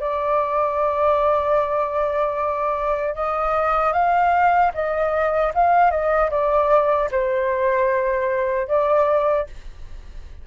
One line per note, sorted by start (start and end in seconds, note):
0.00 3.15 D5
3.15 3.93 D#5
3.93 4.72 F5
4.74 5.53 D#5
5.55 5.91 F5
5.91 6.31 D#5
6.31 7.10 D5
7.11 8.68 C5
8.68 9.47 D5